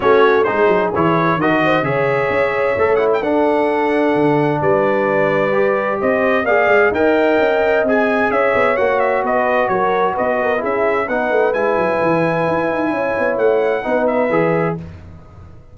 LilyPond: <<
  \new Staff \with { instrumentName = "trumpet" } { \time 4/4 \tempo 4 = 130 cis''4 c''4 cis''4 dis''4 | e''2~ e''8 fis''16 g''16 fis''4~ | fis''2 d''2~ | d''4 dis''4 f''4 g''4~ |
g''4 gis''4 e''4 fis''8 e''8 | dis''4 cis''4 dis''4 e''4 | fis''4 gis''2.~ | gis''4 fis''4. e''4. | }
  \new Staff \with { instrumentName = "horn" } { \time 4/4 fis'4 gis'2 ais'8 c''8 | cis''2. a'4~ | a'2 b'2~ | b'4 c''4 d''4 dis''4~ |
dis''2 cis''2 | b'4 ais'4 b'8 ais'8 gis'4 | b'1 | cis''2 b'2 | }
  \new Staff \with { instrumentName = "trombone" } { \time 4/4 cis'4 dis'4 e'4 fis'4 | gis'2 a'8 e'8 d'4~ | d'1 | g'2 gis'4 ais'4~ |
ais'4 gis'2 fis'4~ | fis'2. e'4 | dis'4 e'2.~ | e'2 dis'4 gis'4 | }
  \new Staff \with { instrumentName = "tuba" } { \time 4/4 a4 gis8 fis8 e4 dis4 | cis4 cis'4 a4 d'4~ | d'4 d4 g2~ | g4 c'4 ais8 gis8 dis'4 |
cis'4 c'4 cis'8 b8 ais4 | b4 fis4 b4 cis'4 | b8 a8 gis8 fis8 e4 e'8 dis'8 | cis'8 b8 a4 b4 e4 | }
>>